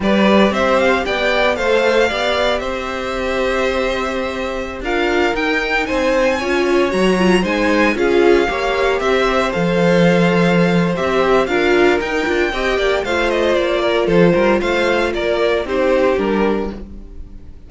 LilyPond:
<<
  \new Staff \with { instrumentName = "violin" } { \time 4/4 \tempo 4 = 115 d''4 e''8 f''8 g''4 f''4~ | f''4 e''2.~ | e''4~ e''16 f''4 g''4 gis''8.~ | gis''4~ gis''16 ais''4 gis''4 f''8.~ |
f''4~ f''16 e''4 f''4.~ f''16~ | f''4 e''4 f''4 g''4~ | g''4 f''8 dis''8 d''4 c''4 | f''4 d''4 c''4 ais'4 | }
  \new Staff \with { instrumentName = "violin" } { \time 4/4 b'4 c''4 d''4 c''4 | d''4 c''2.~ | c''4~ c''16 ais'2 c''8.~ | c''16 cis''2 c''4 gis'8.~ |
gis'16 cis''4 c''2~ c''8.~ | c''2 ais'2 | dis''8 d''8 c''4. ais'8 a'8 ais'8 | c''4 ais'4 g'2 | }
  \new Staff \with { instrumentName = "viola" } { \time 4/4 g'2. a'4 | g'1~ | g'4~ g'16 f'4 dis'4.~ dis'16~ | dis'16 f'4 fis'8 f'8 dis'4 f'8.~ |
f'16 g'2 a'4.~ a'16~ | a'4 g'4 f'4 dis'8 f'8 | g'4 f'2.~ | f'2 dis'4 d'4 | }
  \new Staff \with { instrumentName = "cello" } { \time 4/4 g4 c'4 b4 a4 | b4 c'2.~ | c'4~ c'16 d'4 dis'4 c'8.~ | c'16 cis'4 fis4 gis4 cis'8.~ |
cis'16 ais4 c'4 f4.~ f16~ | f4 c'4 d'4 dis'8 d'8 | c'8 ais8 a4 ais4 f8 g8 | a4 ais4 c'4 g4 | }
>>